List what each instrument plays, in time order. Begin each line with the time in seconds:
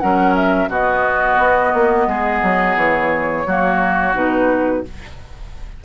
0.00 bassoon F#3, clarinet C#4, oboe A#4, flute F#5
0.36 flute E5
0.68 bassoon B2, clarinet B3, oboe F#4, flute D#5
1.38 bassoon B3
1.74 bassoon A#3
2.07 bassoon G#3, oboe G#4
2.43 bassoon F#3
2.76 bassoon E3, flute C#5
3.47 bassoon F#3, clarinet A#3, oboe F#4
4.15 bassoon B2, clarinet D#4, flute B4